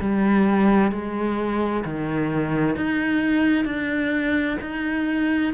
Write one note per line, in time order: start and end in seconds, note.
0.00 0.91 G3
0.91 1.84 G#3
1.84 2.76 D#3
2.76 3.65 D#4
3.65 4.57 D4
4.61 5.53 D#4